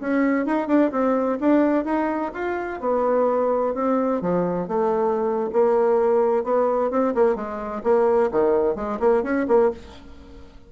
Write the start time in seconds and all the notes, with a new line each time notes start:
0.00 C#4
0.45 D#4
0.67 D4
0.91 C4
1.40 D4
1.84 D#4
2.34 F4
2.80 B3
3.74 C4
4.21 F3
4.68 A3
5.52 A#3
6.43 B3
6.91 C4
7.14 A#3
7.35 G#3
7.83 A#3
8.31 D#3
8.75 G#3
8.99 A#3
9.23 C#4
9.48 A#3